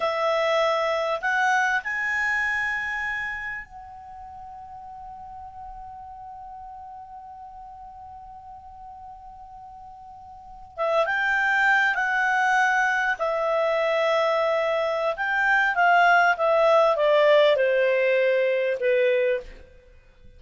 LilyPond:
\new Staff \with { instrumentName = "clarinet" } { \time 4/4 \tempo 4 = 99 e''2 fis''4 gis''4~ | gis''2 fis''2~ | fis''1~ | fis''1~ |
fis''4.~ fis''16 e''8 g''4. fis''16~ | fis''4.~ fis''16 e''2~ e''16~ | e''4 g''4 f''4 e''4 | d''4 c''2 b'4 | }